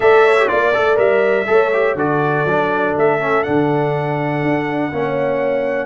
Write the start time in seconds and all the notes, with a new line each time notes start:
0.00 A3 A4 D5 E5
0.25 C#5
0.37 G4
0.48 A#3 F4 D5
0.74 A3 A4
0.95 G3 A#4 E5
1.46 A3 A4 C#5
1.73 G4
1.94 D3 F#4 A4 D5
2.44 F#3 D4
2.97 A3 E5
3.19 C#4
3.43 D3 D4 F#5
4.42 D4
4.92 A#3 C#4 C#5